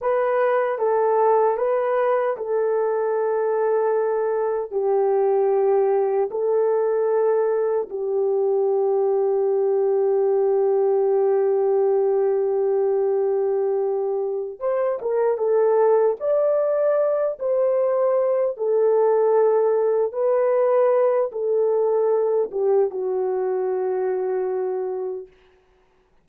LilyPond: \new Staff \with { instrumentName = "horn" } { \time 4/4 \tempo 4 = 76 b'4 a'4 b'4 a'4~ | a'2 g'2 | a'2 g'2~ | g'1~ |
g'2~ g'8 c''8 ais'8 a'8~ | a'8 d''4. c''4. a'8~ | a'4. b'4. a'4~ | a'8 g'8 fis'2. | }